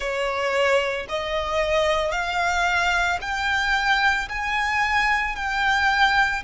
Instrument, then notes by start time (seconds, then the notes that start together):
violin
0.00 C#5
1.09 D#5
2.11 F5
3.21 G5
4.29 G#5
5.35 G5